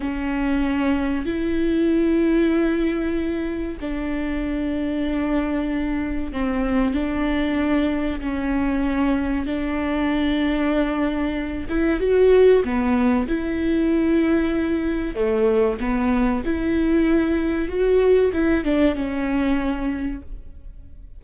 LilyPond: \new Staff \with { instrumentName = "viola" } { \time 4/4 \tempo 4 = 95 cis'2 e'2~ | e'2 d'2~ | d'2 c'4 d'4~ | d'4 cis'2 d'4~ |
d'2~ d'8 e'8 fis'4 | b4 e'2. | a4 b4 e'2 | fis'4 e'8 d'8 cis'2 | }